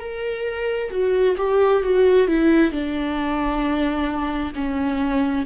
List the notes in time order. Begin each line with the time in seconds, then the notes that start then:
0.00 A#4
0.91 F#4
1.38 G4
1.83 F#4
2.28 E4
2.72 D4
4.55 C#4